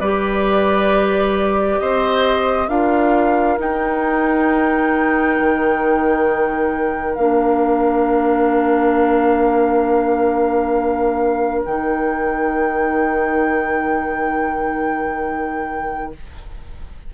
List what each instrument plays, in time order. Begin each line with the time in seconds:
0.00 bassoon G3, clarinet G4, oboe B4, flute D5
1.79 bassoon C4, oboe C5, flute D#5
2.68 bassoon D4, clarinet F4, oboe A#4, flute F5
3.58 clarinet D#4, bassoon D#4, flute G5
5.40 bassoon D#3
7.14 bassoon A#3, clarinet D4, flute F5
11.65 bassoon D#3, clarinet D#4, flute G5